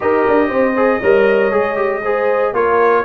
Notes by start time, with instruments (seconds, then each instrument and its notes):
0.00 tuba D#4, trombone G4, horn A#4, trumpet D#5
0.27 tuba D4
0.48 tuba C4, horn C5
0.76 trombone G#4
1.00 tuba G3, trombone A#4, horn C#5
1.51 tuba G#3, trombone G#4
1.76 trombone G4
2.03 trombone G#4, horn C5
2.53 tuba A#3, trombone F4, horn A#4, trumpet C#5